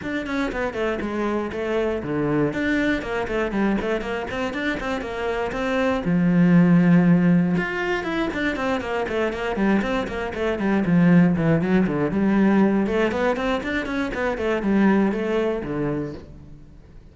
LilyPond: \new Staff \with { instrumentName = "cello" } { \time 4/4 \tempo 4 = 119 d'8 cis'8 b8 a8 gis4 a4 | d4 d'4 ais8 a8 g8 a8 | ais8 c'8 d'8 c'8 ais4 c'4 | f2. f'4 |
e'8 d'8 c'8 ais8 a8 ais8 g8 c'8 | ais8 a8 g8 f4 e8 fis8 d8 | g4. a8 b8 c'8 d'8 cis'8 | b8 a8 g4 a4 d4 | }